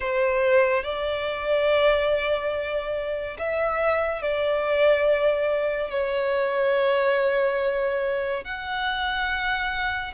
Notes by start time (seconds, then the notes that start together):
0.00 C5
0.83 D5
3.38 E5
4.21 D5
5.90 C#5
8.44 F#5